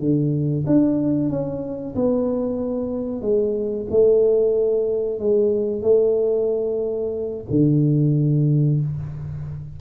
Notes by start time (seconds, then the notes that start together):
0.00 D3
0.67 D4
1.30 C#4
1.96 B3
3.22 G#3
3.91 A3
5.20 G#3
5.83 A3
7.51 D3